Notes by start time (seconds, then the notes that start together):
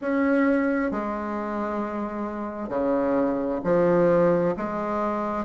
0.01 C#4
0.91 G#3
2.69 C#3
3.64 F3
4.56 G#3